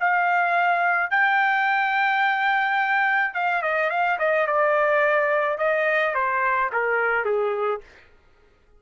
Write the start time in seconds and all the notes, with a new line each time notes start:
0.00 F5
1.10 G5
3.34 F5
3.62 D#5
3.89 F5
4.19 D#5
4.47 D5
5.58 D#5
6.14 C5
6.72 A#4
7.24 G#4